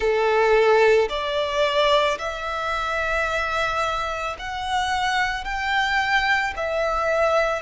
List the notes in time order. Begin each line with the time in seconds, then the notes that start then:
0.00 A4
1.09 D5
2.18 E5
4.38 F#5
5.44 G5
6.56 E5